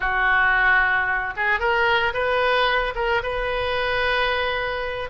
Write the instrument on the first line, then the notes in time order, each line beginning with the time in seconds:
oboe
0.00 F#4
1.36 G#4
1.59 A#4
2.13 B4
2.95 A#4
3.22 B4